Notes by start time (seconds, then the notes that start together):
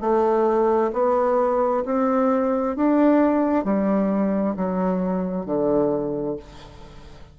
0.00 A3
0.93 B3
1.85 C4
2.76 D4
3.64 G3
4.56 F#3
5.45 D3